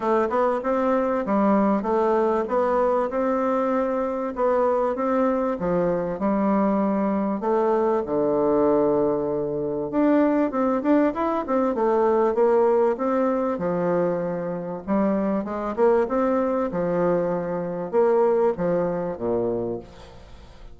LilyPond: \new Staff \with { instrumentName = "bassoon" } { \time 4/4 \tempo 4 = 97 a8 b8 c'4 g4 a4 | b4 c'2 b4 | c'4 f4 g2 | a4 d2. |
d'4 c'8 d'8 e'8 c'8 a4 | ais4 c'4 f2 | g4 gis8 ais8 c'4 f4~ | f4 ais4 f4 ais,4 | }